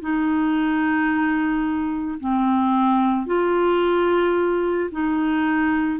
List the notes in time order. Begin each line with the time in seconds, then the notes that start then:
0.00 D#4
2.20 C4
3.26 F4
4.91 D#4